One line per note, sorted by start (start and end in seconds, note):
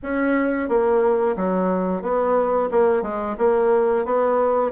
0.02 0.68 C#4
0.68 1.36 A#3
1.36 2.01 F#3
2.01 2.69 B3
2.71 3.02 A#3
3.02 3.36 G#3
3.37 4.05 A#3
4.05 4.71 B3